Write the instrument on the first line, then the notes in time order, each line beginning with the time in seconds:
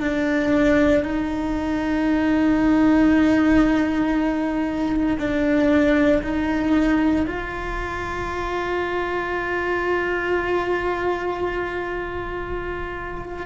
cello
0.00 D4
1.03 D#4
5.19 D4
6.23 D#4
7.27 F4